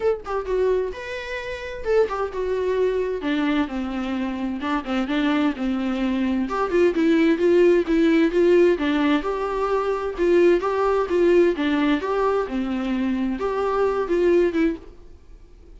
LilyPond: \new Staff \with { instrumentName = "viola" } { \time 4/4 \tempo 4 = 130 a'8 g'8 fis'4 b'2 | a'8 g'8 fis'2 d'4 | c'2 d'8 c'8 d'4 | c'2 g'8 f'8 e'4 |
f'4 e'4 f'4 d'4 | g'2 f'4 g'4 | f'4 d'4 g'4 c'4~ | c'4 g'4. f'4 e'8 | }